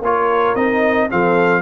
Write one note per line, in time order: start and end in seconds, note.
0.00 0.54 A#3
0.00 0.56 F4
0.00 1.10 A#4
0.00 0.55 C#5
0.55 1.09 C4
0.55 1.10 D#4
0.55 1.09 D#5
1.10 1.62 F3
1.10 1.62 C4
1.10 1.62 A4
1.10 1.62 F5